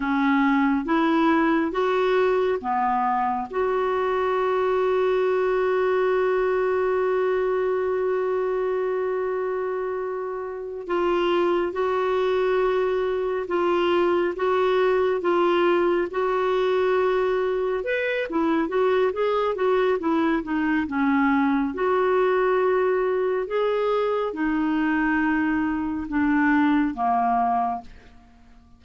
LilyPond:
\new Staff \with { instrumentName = "clarinet" } { \time 4/4 \tempo 4 = 69 cis'4 e'4 fis'4 b4 | fis'1~ | fis'1~ | fis'8 f'4 fis'2 f'8~ |
f'8 fis'4 f'4 fis'4.~ | fis'8 b'8 e'8 fis'8 gis'8 fis'8 e'8 dis'8 | cis'4 fis'2 gis'4 | dis'2 d'4 ais4 | }